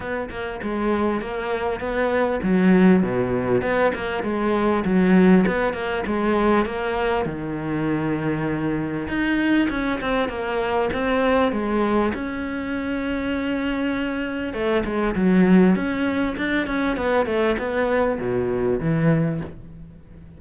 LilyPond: \new Staff \with { instrumentName = "cello" } { \time 4/4 \tempo 4 = 99 b8 ais8 gis4 ais4 b4 | fis4 b,4 b8 ais8 gis4 | fis4 b8 ais8 gis4 ais4 | dis2. dis'4 |
cis'8 c'8 ais4 c'4 gis4 | cis'1 | a8 gis8 fis4 cis'4 d'8 cis'8 | b8 a8 b4 b,4 e4 | }